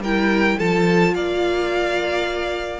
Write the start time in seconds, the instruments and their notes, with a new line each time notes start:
0.00 cello G3, viola E4, violin A#4 G5
0.58 cello F3, viola F4, violin A4 A5
1.14 cello A#3, violin D5 F5